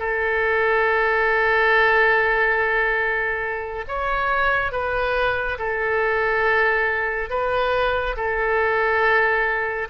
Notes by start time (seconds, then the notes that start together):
0.00 A4
3.88 C#5
4.72 B4
5.59 A4
7.31 B4
8.17 A4